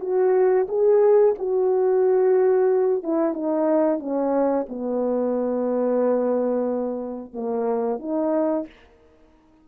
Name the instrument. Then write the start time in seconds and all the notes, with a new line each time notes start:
horn
0.00 F#4
0.68 G#4
1.38 F#4
3.03 E4
3.33 D#4
3.99 C#4
4.68 B3
7.33 A#3
7.99 D#4